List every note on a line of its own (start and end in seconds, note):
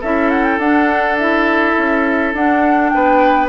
0.00 0.57 C#4
0.00 0.60 E4
0.00 2.91 A4
0.00 0.29 E5
0.29 0.44 F#5
0.44 0.58 G5
0.57 1.74 D4
0.57 1.19 D4
0.57 1.17 F#5
1.18 2.35 E4
1.18 2.34 E5
1.77 2.33 C#4
2.33 2.91 D4
2.33 3.49 D4
2.33 2.89 F#5
2.89 3.49 B3
2.89 3.49 B4
2.89 3.47 G5